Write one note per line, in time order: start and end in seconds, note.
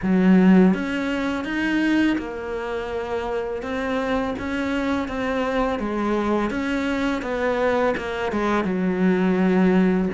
0.02 0.74 F#3
0.74 1.44 C#4
1.44 2.16 D#4
2.18 3.62 A#3
3.62 4.34 C4
4.38 5.08 C#4
5.08 5.79 C4
5.79 6.50 G#3
6.50 7.22 C#4
7.22 7.94 B3
7.97 8.31 A#3
8.31 8.64 G#3
8.64 10.08 F#3